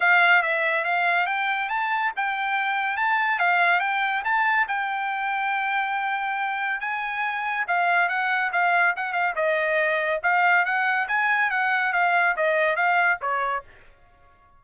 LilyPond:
\new Staff \with { instrumentName = "trumpet" } { \time 4/4 \tempo 4 = 141 f''4 e''4 f''4 g''4 | a''4 g''2 a''4 | f''4 g''4 a''4 g''4~ | g''1 |
gis''2 f''4 fis''4 | f''4 fis''8 f''8 dis''2 | f''4 fis''4 gis''4 fis''4 | f''4 dis''4 f''4 cis''4 | }